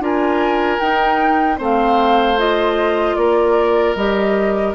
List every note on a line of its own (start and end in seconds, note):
0.00 0.79 D4
0.00 0.80 F4
0.00 1.58 A#4
0.00 0.80 G#5
0.80 1.58 D#4
0.80 1.60 D#4
0.80 1.59 G5
1.58 3.17 A3
1.58 2.37 C4
1.58 3.16 C5
1.58 2.39 F5
2.38 3.96 F4
2.38 3.15 D#5
3.15 3.96 A#3
3.15 4.75 A#4
3.15 3.94 D5
3.96 4.75 G3
3.96 4.75 G4
3.96 4.75 D#5